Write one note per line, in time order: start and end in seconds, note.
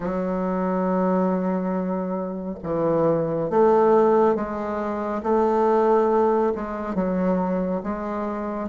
0.00 2.58 F#3
2.63 3.49 E3
3.49 4.35 A3
4.35 5.22 G#3
5.22 6.53 A3
6.55 6.94 G#3
6.94 7.81 F#3
7.83 8.69 G#3